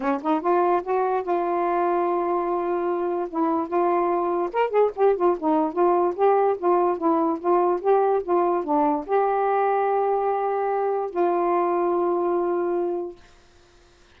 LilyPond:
\new Staff \with { instrumentName = "saxophone" } { \time 4/4 \tempo 4 = 146 cis'8 dis'8 f'4 fis'4 f'4~ | f'1 | e'4 f'2 ais'8 gis'8 | g'8 f'8 dis'4 f'4 g'4 |
f'4 e'4 f'4 g'4 | f'4 d'4 g'2~ | g'2. f'4~ | f'1 | }